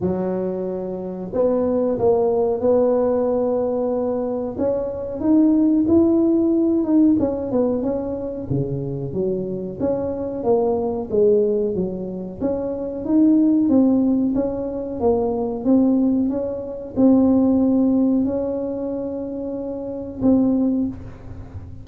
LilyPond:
\new Staff \with { instrumentName = "tuba" } { \time 4/4 \tempo 4 = 92 fis2 b4 ais4 | b2. cis'4 | dis'4 e'4. dis'8 cis'8 b8 | cis'4 cis4 fis4 cis'4 |
ais4 gis4 fis4 cis'4 | dis'4 c'4 cis'4 ais4 | c'4 cis'4 c'2 | cis'2. c'4 | }